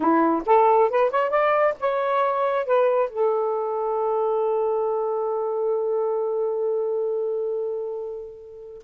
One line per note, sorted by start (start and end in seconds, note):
0.00 0.42 E4
0.45 0.89 A4
0.90 1.10 B4
1.10 1.30 C#5
1.30 1.74 D5
1.80 2.65 C#5
2.65 3.09 B4
3.09 8.83 A4